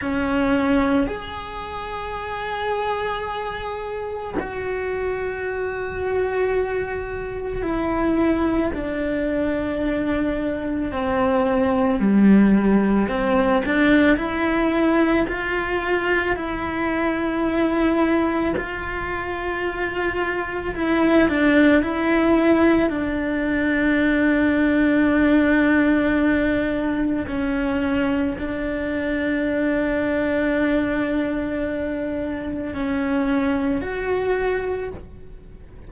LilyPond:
\new Staff \with { instrumentName = "cello" } { \time 4/4 \tempo 4 = 55 cis'4 gis'2. | fis'2. e'4 | d'2 c'4 g4 | c'8 d'8 e'4 f'4 e'4~ |
e'4 f'2 e'8 d'8 | e'4 d'2.~ | d'4 cis'4 d'2~ | d'2 cis'4 fis'4 | }